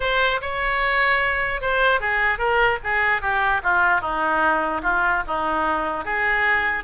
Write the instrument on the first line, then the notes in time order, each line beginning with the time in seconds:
oboe
0.00 C5
0.41 C#5
1.61 C5
2.00 G#4
2.38 A#4
2.83 G#4
3.21 G4
3.63 F4
4.01 D#4
4.82 F4
5.27 D#4
6.05 G#4